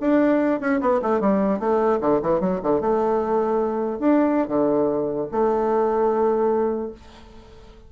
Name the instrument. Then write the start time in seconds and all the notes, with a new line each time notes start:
bassoon
0.00 D4
0.60 C#4
0.80 B3
1.02 A3
1.20 G3
1.59 A3
2.00 D3
2.22 E3
2.40 F#3
2.63 D3
2.81 A3
3.99 D4
4.48 D3
5.31 A3